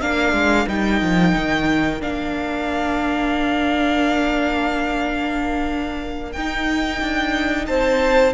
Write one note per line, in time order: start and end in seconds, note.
0.00 0.33 A#3
0.00 0.68 D4
0.00 7.67 A#4
0.00 0.68 F5
0.33 0.66 G#3
0.68 1.02 G3
0.68 2.01 D#4
0.68 2.02 G5
1.02 1.35 F3
1.36 2.03 D#3
2.01 6.36 A#3
2.01 6.34 D4
2.01 6.33 F5
6.33 7.01 D#4
6.33 8.34 D#4
6.33 7.66 G5
7.01 7.68 D4
7.67 8.34 C4
7.67 8.34 C5
7.67 8.34 A5